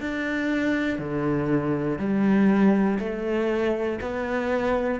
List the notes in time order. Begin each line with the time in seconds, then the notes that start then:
0.00 D4
0.99 D3
1.98 G3
2.99 A3
4.00 B3